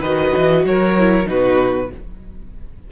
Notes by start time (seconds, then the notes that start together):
0.00 D#3 F#4 B4 D#5
0.37 E3
0.64 F#3 A#4 C#5
0.98 E4
1.25 B2 D#4 F#4 B4